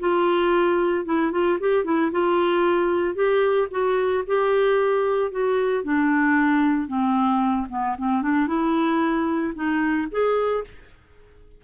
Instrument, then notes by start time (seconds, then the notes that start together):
clarinet
0.00 F4
1.06 E4
1.32 F4
1.61 G4
1.85 E4
2.12 F4
3.15 G4
3.71 F#4
4.27 G4
5.32 F#4
5.84 D4
6.88 C4
7.70 B3
7.98 C4
8.23 D4
8.48 E4
9.55 D#4
10.12 G#4